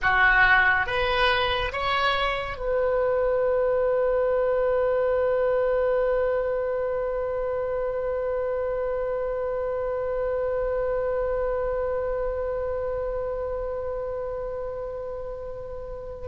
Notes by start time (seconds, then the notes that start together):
0.02 F#4
0.86 B4
1.72 C#5
2.57 B4